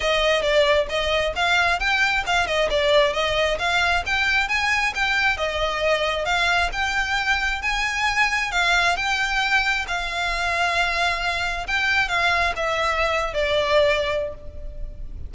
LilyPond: \new Staff \with { instrumentName = "violin" } { \time 4/4 \tempo 4 = 134 dis''4 d''4 dis''4 f''4 | g''4 f''8 dis''8 d''4 dis''4 | f''4 g''4 gis''4 g''4 | dis''2 f''4 g''4~ |
g''4 gis''2 f''4 | g''2 f''2~ | f''2 g''4 f''4 | e''4.~ e''16 d''2~ d''16 | }